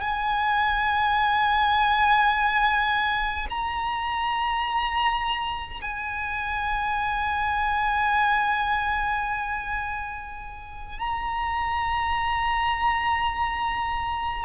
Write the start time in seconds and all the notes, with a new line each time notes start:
0.00 G#5
3.49 A#5
5.81 G#5
10.99 A#5